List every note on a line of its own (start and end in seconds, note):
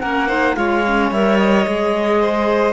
0.00 0.56 A#3
0.00 0.28 C#4
0.00 0.28 A#4
0.00 0.55 F#5
0.28 0.55 D#4
0.28 0.55 C5
0.55 1.11 G#3
0.55 0.82 F4
0.55 2.21 C#5
0.55 1.10 F5
0.86 1.13 C#4
1.11 1.66 G3
1.11 1.67 A#4
1.11 1.37 E5
1.37 2.73 D#5
1.67 2.73 G#3
1.67 2.73 G#4
2.21 2.73 C5